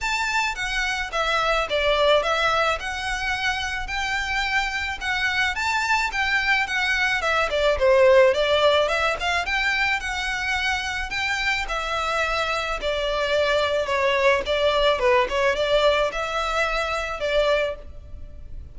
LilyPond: \new Staff \with { instrumentName = "violin" } { \time 4/4 \tempo 4 = 108 a''4 fis''4 e''4 d''4 | e''4 fis''2 g''4~ | g''4 fis''4 a''4 g''4 | fis''4 e''8 d''8 c''4 d''4 |
e''8 f''8 g''4 fis''2 | g''4 e''2 d''4~ | d''4 cis''4 d''4 b'8 cis''8 | d''4 e''2 d''4 | }